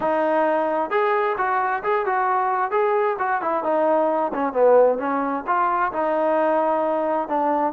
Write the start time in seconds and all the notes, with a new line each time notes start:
0.00 D#4
0.90 G#4
1.37 F#4
1.83 G#4
2.06 F#4
2.71 G#4
3.19 F#4
3.41 E4
3.63 D#4
4.33 C#4
4.52 B3
4.98 C#4
5.46 F4
5.92 D#4
7.28 D4